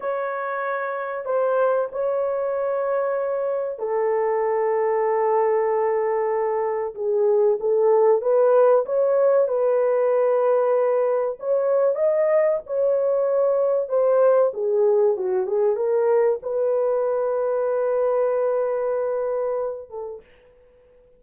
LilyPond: \new Staff \with { instrumentName = "horn" } { \time 4/4 \tempo 4 = 95 cis''2 c''4 cis''4~ | cis''2 a'2~ | a'2. gis'4 | a'4 b'4 cis''4 b'4~ |
b'2 cis''4 dis''4 | cis''2 c''4 gis'4 | fis'8 gis'8 ais'4 b'2~ | b'2.~ b'8 a'8 | }